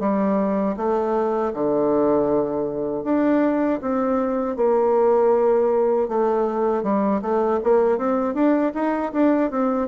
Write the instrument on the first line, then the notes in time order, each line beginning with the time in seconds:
bassoon
0.00 G3
0.77 A3
1.54 D3
3.04 D4
3.82 C4
4.57 A#3
6.08 A3
6.83 G3
7.22 A3
7.64 A#3
7.98 C4
8.34 D4
8.74 D#4
9.13 D4
9.51 C4